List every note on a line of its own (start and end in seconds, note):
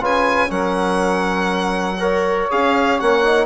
0.00 0.50 C#3
0.00 0.48 F4
0.00 0.50 B4
0.00 0.51 G#5
0.48 2.49 F#3
0.48 1.97 C#4
0.48 1.99 A#4
0.48 2.49 F#5
1.99 2.49 A#4
1.99 3.45 C#5
2.50 3.01 C#4
2.50 3.00 G#4
2.50 3.00 F5
3.00 3.45 A#3
3.00 3.24 C#4
3.00 3.45 F#5
3.24 3.45 D#4